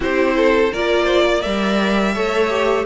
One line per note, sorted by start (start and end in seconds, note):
0.00 0.70 C4
0.00 0.71 E4
0.00 0.34 G4
0.00 0.73 C5
0.36 0.72 A4
0.72 1.45 A#3
0.72 1.42 F4
0.72 1.04 A#4
0.72 1.41 D5
1.04 1.22 C5
1.26 2.13 D5
1.41 2.16 G3
1.41 2.14 A#4
1.41 2.84 E5
2.13 2.85 A3
2.13 2.49 A4
2.13 2.85 C#5
2.49 2.84 G4